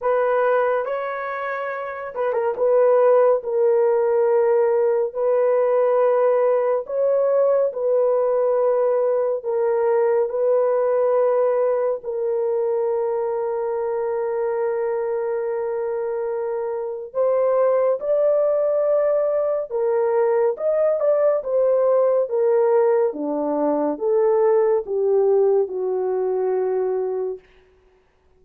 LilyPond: \new Staff \with { instrumentName = "horn" } { \time 4/4 \tempo 4 = 70 b'4 cis''4. b'16 ais'16 b'4 | ais'2 b'2 | cis''4 b'2 ais'4 | b'2 ais'2~ |
ais'1 | c''4 d''2 ais'4 | dis''8 d''8 c''4 ais'4 d'4 | a'4 g'4 fis'2 | }